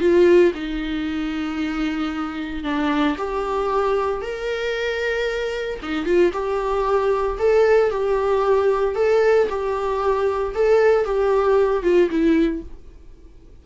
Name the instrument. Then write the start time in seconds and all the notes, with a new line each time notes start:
viola
0.00 F4
0.54 D#4
2.64 D4
3.17 G4
4.22 A#4
5.82 D#4
6.06 F4
6.33 G4
7.39 A4
7.91 G4
8.95 A4
9.49 G4
10.55 A4
11.05 G4
11.83 F4
12.10 E4